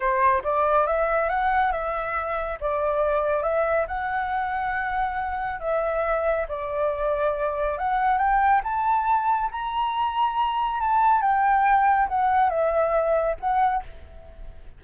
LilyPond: \new Staff \with { instrumentName = "flute" } { \time 4/4 \tempo 4 = 139 c''4 d''4 e''4 fis''4 | e''2 d''2 | e''4 fis''2.~ | fis''4 e''2 d''4~ |
d''2 fis''4 g''4 | a''2 ais''2~ | ais''4 a''4 g''2 | fis''4 e''2 fis''4 | }